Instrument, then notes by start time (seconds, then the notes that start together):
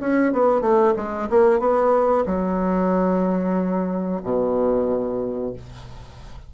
bassoon
0.00 C#4
0.33 B3
0.61 A3
0.96 G#3
1.30 A#3
1.59 B3
2.26 F#3
4.23 B2